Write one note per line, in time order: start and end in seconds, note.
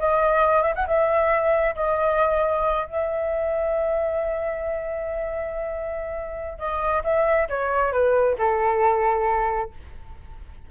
0.00 0.63 D#5
0.63 0.74 E5
0.76 0.87 F#5
0.87 1.75 E5
1.76 2.86 D#5
2.86 6.59 E5
6.59 7.03 D#5
7.04 7.48 E5
7.49 7.93 C#5
7.93 8.37 B4
8.39 9.71 A4